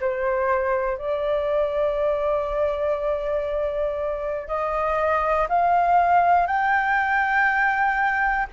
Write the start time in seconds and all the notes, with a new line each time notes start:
0.00 C5
0.98 D5
4.47 D#5
5.48 F5
6.46 G5